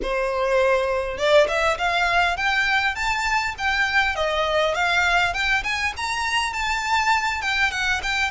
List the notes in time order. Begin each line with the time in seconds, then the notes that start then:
0.02 C5
1.17 D5
1.48 E5
1.77 F5
2.36 G5
2.95 A5
3.58 G5
4.15 D#5
4.74 F5
5.33 G5
5.63 G#5
5.96 A#5
6.53 A5
7.41 G5
7.71 F#5
8.03 G5